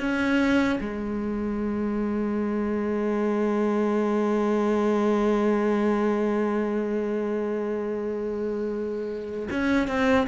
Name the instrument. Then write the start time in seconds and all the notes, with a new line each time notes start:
cello
0.00 C#4
0.80 G#3
9.51 C#4
9.88 C4